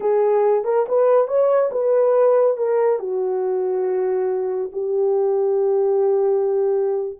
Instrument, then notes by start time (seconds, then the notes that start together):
horn
0.00 G#4
0.64 A#4
0.88 B4
1.27 C#5
1.71 B4
2.57 A#4
2.99 F#4
4.72 G4